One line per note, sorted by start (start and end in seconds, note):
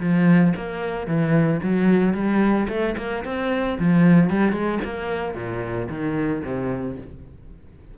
0.00 0.54 F3
0.56 1.07 A#3
1.07 1.61 E3
1.63 2.14 F#3
2.14 2.67 G3
2.69 2.95 A3
2.98 3.24 A#3
3.25 3.78 C4
3.79 4.30 F3
4.30 4.52 G3
4.52 4.79 G#3
4.84 5.35 A#3
5.35 5.89 A#2
5.90 6.43 D#3
6.44 6.98 C3